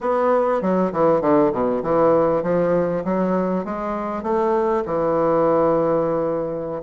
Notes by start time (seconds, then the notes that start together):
0.01 B3
0.61 F#3
0.92 E3
1.21 D3
1.52 B2
1.83 E3
2.42 F3
3.04 F#3
3.64 G#3
4.23 A3
4.85 E3